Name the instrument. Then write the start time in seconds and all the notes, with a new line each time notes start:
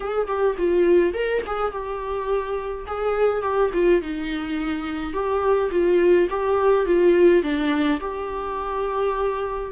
viola
0.00 G#4
0.27 G4
0.57 F4
1.13 A#4
1.46 G#4
1.71 G4
2.86 G#4
3.42 G4
3.73 F4
4.01 D#4
5.13 G4
5.70 F4
6.30 G4
6.86 F4
7.42 D4
8.00 G4